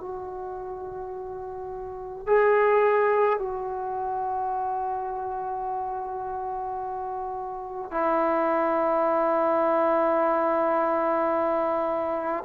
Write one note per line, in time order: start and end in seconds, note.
0.00 2.26 F#4
2.26 3.39 G#4
3.39 7.90 F#4
7.90 12.43 E4